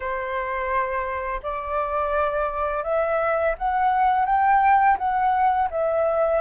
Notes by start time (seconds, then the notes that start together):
0.00 C5
1.42 D5
2.83 E5
3.58 F#5
4.25 G5
4.97 F#5
5.70 E5